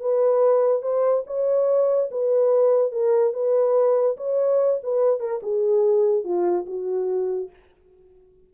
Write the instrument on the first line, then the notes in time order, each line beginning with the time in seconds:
horn
0.00 B4
0.82 C5
1.26 C#5
2.10 B4
2.92 A#4
3.33 B4
4.17 C#5
4.83 B4
5.19 A#4
5.42 G#4
6.24 F4
6.66 F#4